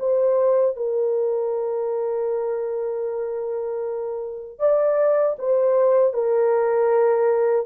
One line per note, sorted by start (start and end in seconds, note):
0.00 0.77 C5
0.77 4.60 A#4
4.60 5.37 D5
5.39 6.14 C5
6.14 7.67 A#4